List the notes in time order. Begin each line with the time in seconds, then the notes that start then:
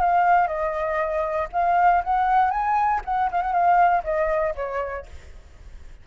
0.00 F5
0.47 D#5
1.52 F5
2.04 F#5
2.50 G#5
3.05 F#5
3.31 F5
3.41 F#5
3.52 F5
4.04 D#5
4.55 C#5